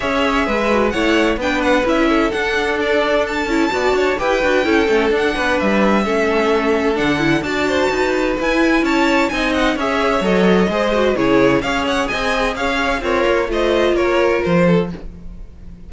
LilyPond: <<
  \new Staff \with { instrumentName = "violin" } { \time 4/4 \tempo 4 = 129 e''2 fis''4 g''8 fis''8 | e''4 fis''4 d''4 a''4~ | a''4 g''2 fis''4 | e''2. fis''4 |
a''2 gis''4 a''4 | gis''8 fis''8 e''4 dis''2 | cis''4 f''8 fis''8 gis''4 f''4 | cis''4 dis''4 cis''4 c''4 | }
  \new Staff \with { instrumentName = "violin" } { \time 4/4 cis''4 b'4 cis''4 b'4~ | b'8 a'2.~ a'8 | d''8 cis''8 b'4 a'4. b'8~ | b'4 a'2. |
d''8 c''8 b'2 cis''4 | dis''4 cis''2 c''4 | gis'4 cis''4 dis''4 cis''4 | f'4 c''4 ais'4. a'8 | }
  \new Staff \with { instrumentName = "viola" } { \time 4/4 gis'4. fis'8 e'4 d'4 | e'4 d'2~ d'8 e'8 | fis'4 g'8 fis'8 e'8 cis'8 d'4~ | d'4 cis'2 d'8 e'8 |
fis'2 e'2 | dis'4 gis'4 a'4 gis'8 fis'8 | e'4 gis'2. | ais'4 f'2. | }
  \new Staff \with { instrumentName = "cello" } { \time 4/4 cis'4 gis4 a4 b4 | cis'4 d'2~ d'8 cis'8 | b8 d'8 e'8 d'8 cis'8 a8 d'8 b8 | g4 a2 d4 |
d'4 dis'4 e'4 cis'4 | c'4 cis'4 fis4 gis4 | cis4 cis'4 c'4 cis'4 | c'8 ais8 a4 ais4 f4 | }
>>